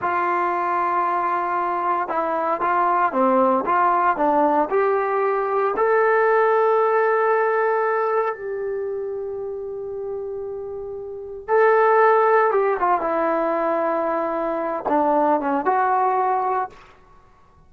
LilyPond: \new Staff \with { instrumentName = "trombone" } { \time 4/4 \tempo 4 = 115 f'1 | e'4 f'4 c'4 f'4 | d'4 g'2 a'4~ | a'1 |
g'1~ | g'2 a'2 | g'8 f'8 e'2.~ | e'8 d'4 cis'8 fis'2 | }